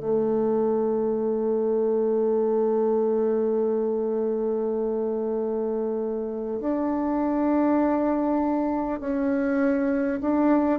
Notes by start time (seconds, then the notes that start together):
0.00 A3
6.61 D4
9.00 C#4
10.22 D4